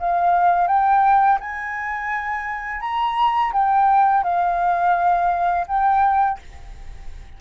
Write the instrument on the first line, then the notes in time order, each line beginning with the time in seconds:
flute
0.00 F5
0.68 G5
1.41 G#5
2.81 A#5
3.53 G5
4.24 F5
5.68 G5